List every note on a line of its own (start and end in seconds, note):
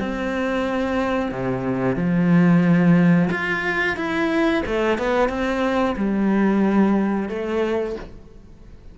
0.00 1.32 C4
1.32 1.96 C3
1.96 3.29 F3
3.31 3.97 F4
3.97 4.63 E4
4.66 4.98 A3
4.98 5.29 B3
5.29 5.96 C4
5.97 7.29 G3
7.29 7.96 A3